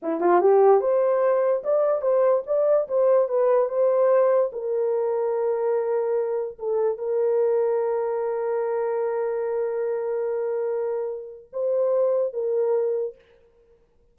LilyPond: \new Staff \with { instrumentName = "horn" } { \time 4/4 \tempo 4 = 146 e'8 f'8 g'4 c''2 | d''4 c''4 d''4 c''4 | b'4 c''2 ais'4~ | ais'1 |
a'4 ais'2.~ | ais'1~ | ais'1 | c''2 ais'2 | }